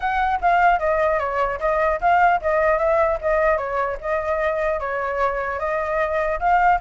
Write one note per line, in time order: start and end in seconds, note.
0.00 0.40 F#5
0.41 0.79 F5
0.79 1.19 D#5
1.19 1.59 C#5
1.59 1.99 D#5
2.01 2.41 F5
2.41 2.78 D#5
2.78 3.18 E5
3.21 3.57 D#5
3.57 3.97 C#5
4.00 4.80 D#5
4.80 5.59 C#5
5.59 6.39 D#5
6.39 6.79 F5